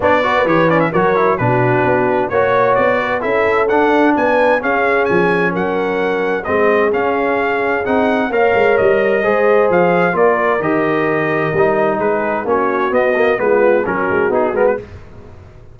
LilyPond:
<<
  \new Staff \with { instrumentName = "trumpet" } { \time 4/4 \tempo 4 = 130 d''4 cis''8 d''16 e''16 cis''4 b'4~ | b'4 cis''4 d''4 e''4 | fis''4 gis''4 f''4 gis''4 | fis''2 dis''4 f''4~ |
f''4 fis''4 f''4 dis''4~ | dis''4 f''4 d''4 dis''4~ | dis''2 b'4 cis''4 | dis''4 b'4 ais'4 gis'8 ais'16 b'16 | }
  \new Staff \with { instrumentName = "horn" } { \time 4/4 cis''8 b'4. ais'4 fis'4~ | fis'4 cis''4. b'8 a'4~ | a'4 b'4 gis'2 | ais'2 gis'2~ |
gis'2 cis''2 | c''2 ais'2~ | ais'2 gis'4 fis'4~ | fis'4 f'4 fis'2 | }
  \new Staff \with { instrumentName = "trombone" } { \time 4/4 d'8 fis'8 g'8 cis'8 fis'8 e'8 d'4~ | d'4 fis'2 e'4 | d'2 cis'2~ | cis'2 c'4 cis'4~ |
cis'4 dis'4 ais'2 | gis'2 f'4 g'4~ | g'4 dis'2 cis'4 | b8 ais8 b4 cis'4 dis'8 b8 | }
  \new Staff \with { instrumentName = "tuba" } { \time 4/4 b4 e4 fis4 b,4 | b4 ais4 b4 cis'4 | d'4 b4 cis'4 f4 | fis2 gis4 cis'4~ |
cis'4 c'4 ais8 gis8 g4 | gis4 f4 ais4 dis4~ | dis4 g4 gis4 ais4 | b4 gis4 fis8 gis8 b8 gis8 | }
>>